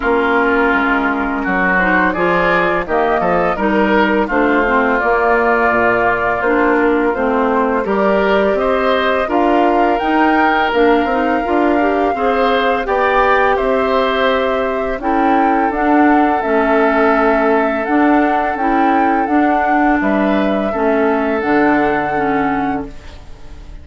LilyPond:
<<
  \new Staff \with { instrumentName = "flute" } { \time 4/4 \tempo 4 = 84 ais'2~ ais'8 c''8 d''4 | dis''4 ais'4 c''4 d''4~ | d''4 c''8 ais'8 c''4 d''4 | dis''4 f''4 g''4 f''4~ |
f''2 g''4 e''4~ | e''4 g''4 fis''4 e''4~ | e''4 fis''4 g''4 fis''4 | e''2 fis''2 | }
  \new Staff \with { instrumentName = "oboe" } { \time 4/4 f'2 fis'4 gis'4 | g'8 a'8 ais'4 f'2~ | f'2. ais'4 | c''4 ais'2.~ |
ais'4 c''4 d''4 c''4~ | c''4 a'2.~ | a'1 | b'4 a'2. | }
  \new Staff \with { instrumentName = "clarinet" } { \time 4/4 cis'2~ cis'8 dis'8 f'4 | ais4 dis'4 d'8 c'8 ais4~ | ais4 d'4 c'4 g'4~ | g'4 f'4 dis'4 d'8 dis'8 |
f'8 g'8 gis'4 g'2~ | g'4 e'4 d'4 cis'4~ | cis'4 d'4 e'4 d'4~ | d'4 cis'4 d'4 cis'4 | }
  \new Staff \with { instrumentName = "bassoon" } { \time 4/4 ais4 gis4 fis4 f4 | dis8 f8 g4 a4 ais4 | ais,4 ais4 a4 g4 | c'4 d'4 dis'4 ais8 c'8 |
d'4 c'4 b4 c'4~ | c'4 cis'4 d'4 a4~ | a4 d'4 cis'4 d'4 | g4 a4 d2 | }
>>